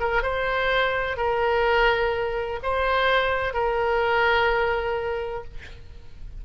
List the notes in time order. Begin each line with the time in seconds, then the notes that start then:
0.00 A#4
0.22 C5
1.17 A#4
2.63 C5
3.53 A#4